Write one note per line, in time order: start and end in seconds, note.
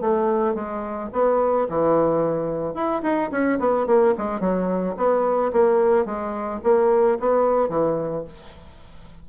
0.00 0.54 A3
0.54 1.09 G#3
1.12 1.67 B3
1.69 2.74 E3
2.74 3.02 E4
3.02 3.30 D#4
3.31 3.59 C#4
3.59 3.86 B3
3.86 4.14 A#3
4.17 4.40 G#3
4.40 4.95 F#3
4.96 5.51 B3
5.52 6.05 A#3
6.05 6.60 G#3
6.63 7.18 A#3
7.19 7.69 B3
7.69 8.24 E3